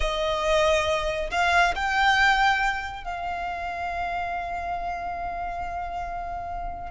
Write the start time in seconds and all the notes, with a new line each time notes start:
0.00 D#5
1.30 F5
1.75 G5
3.04 F5